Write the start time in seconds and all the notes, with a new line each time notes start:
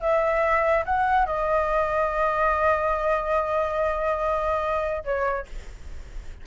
0.00 E5
0.85 F#5
1.26 D#5
5.04 C#5